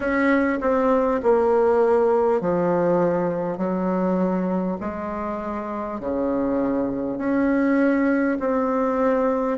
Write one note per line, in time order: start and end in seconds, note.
0.00 0.59 C#4
0.61 1.21 C4
1.22 2.40 A#3
2.40 3.57 F3
3.57 4.77 F#3
4.80 6.00 G#3
6.00 7.18 C#3
7.18 8.38 C#4
8.39 9.57 C4